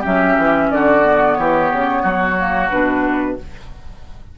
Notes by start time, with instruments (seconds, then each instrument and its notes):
0.00 clarinet C#4, oboe G4, flute E5
0.06 bassoon F#3
0.37 bassoon E3
0.71 bassoon D3, oboe F#4, flute D5
1.02 clarinet B3
1.34 bassoon E3, oboe G4, flute C#5
1.72 bassoon C#3
2.02 bassoon F#3, oboe F#4
2.37 clarinet A#3
2.70 bassoon B2, clarinet D4, flute B4